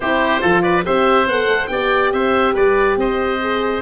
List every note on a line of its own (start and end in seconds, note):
0.00 0.41 C4
0.00 0.40 E4
0.00 0.41 G4
0.00 0.61 C5
0.40 0.86 F3
0.40 0.83 F4
0.40 0.62 A4
0.62 0.84 B4
0.62 0.83 D5
0.84 1.26 C4
0.84 1.27 G4
0.84 1.70 C5
0.84 1.28 E5
1.26 1.46 B3
1.26 1.71 A4
1.26 1.67 F#5
1.46 1.67 A3
1.67 2.12 B3
1.67 3.41 G4
1.67 2.13 D5
1.67 2.09 G5
2.12 2.54 C4
2.12 2.53 C5
2.12 2.55 E5
2.53 2.96 G3
2.53 2.96 B4
2.53 2.98 D5
2.96 3.81 C4
2.96 3.82 C5
2.96 3.82 D#5
3.41 3.82 G#4